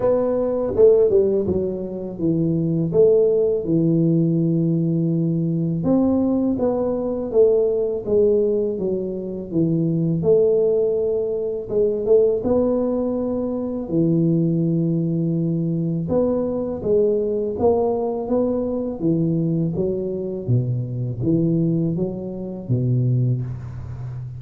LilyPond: \new Staff \with { instrumentName = "tuba" } { \time 4/4 \tempo 4 = 82 b4 a8 g8 fis4 e4 | a4 e2. | c'4 b4 a4 gis4 | fis4 e4 a2 |
gis8 a8 b2 e4~ | e2 b4 gis4 | ais4 b4 e4 fis4 | b,4 e4 fis4 b,4 | }